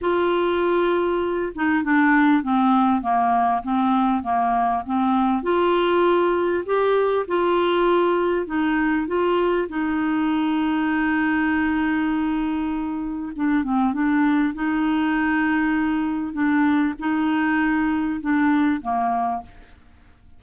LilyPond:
\new Staff \with { instrumentName = "clarinet" } { \time 4/4 \tempo 4 = 99 f'2~ f'8 dis'8 d'4 | c'4 ais4 c'4 ais4 | c'4 f'2 g'4 | f'2 dis'4 f'4 |
dis'1~ | dis'2 d'8 c'8 d'4 | dis'2. d'4 | dis'2 d'4 ais4 | }